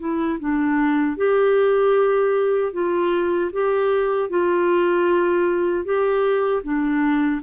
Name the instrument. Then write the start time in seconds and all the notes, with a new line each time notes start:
clarinet
0.00 E4
0.40 D4
1.17 G4
2.73 F4
3.52 G4
4.30 F4
5.85 G4
6.63 D4